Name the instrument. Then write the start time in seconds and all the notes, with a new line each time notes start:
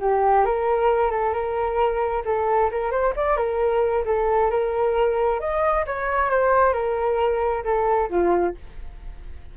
flute
0.00 G4
0.46 A#4
1.11 A4
1.33 A#4
2.25 A4
2.71 A#4
2.91 C5
3.16 D5
3.37 A#4
4.05 A4
4.51 A#4
5.40 D#5
5.86 C#5
6.30 C5
6.73 A#4
7.64 A4
8.10 F4